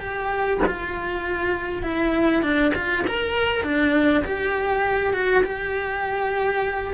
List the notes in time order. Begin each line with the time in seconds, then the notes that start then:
0.00 G4
0.67 F4
1.83 E4
2.42 D4
2.75 F4
3.07 A#4
3.63 D4
4.25 G4
5.14 F#4
5.44 G4